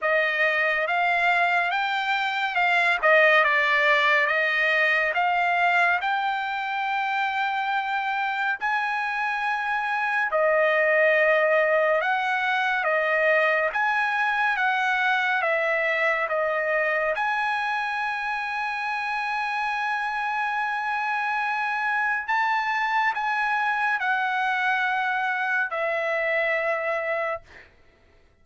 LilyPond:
\new Staff \with { instrumentName = "trumpet" } { \time 4/4 \tempo 4 = 70 dis''4 f''4 g''4 f''8 dis''8 | d''4 dis''4 f''4 g''4~ | g''2 gis''2 | dis''2 fis''4 dis''4 |
gis''4 fis''4 e''4 dis''4 | gis''1~ | gis''2 a''4 gis''4 | fis''2 e''2 | }